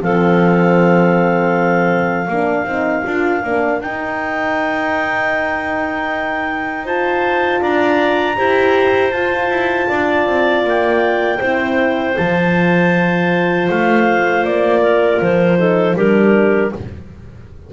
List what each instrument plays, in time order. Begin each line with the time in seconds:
0.00 double bass F3, horn C4, clarinet A4 F5
2.28 double bass A#3, horn D4, clarinet A#4
2.64 double bass C4, horn D#4
3.04 double bass D4, horn F4
3.43 double bass A#3, horn D4
3.81 double bass D#4, horn D#4, clarinet G5
6.84 horn F4, clarinet C5 A5
7.61 double bass D4, clarinet D5 A#5
8.36 double bass E4, horn G4, clarinet C5
9.10 horn F4, double bass F4, clarinet A5
9.49 double bass E4
9.89 double bass D4, clarinet D5
10.26 double bass C4
10.63 double bass A#3, clarinet G5
11.38 double bass C4, horn E4, clarinet C5
12.16 double bass F3, horn F4, clarinet A5
13.69 double bass A3, clarinet F5
14.44 double bass A#3, clarinet D5
14.82 clarinet A#4
15.21 double bass F3, clarinet C5
15.57 horn D#4, clarinet A4
15.96 double bass G3, horn D4, clarinet G4 A#4